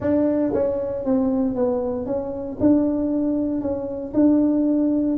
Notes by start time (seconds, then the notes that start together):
0.00 D4
0.53 C#4
1.04 C4
1.55 B3
2.05 C#4
2.60 D4
3.61 C#4
4.13 D4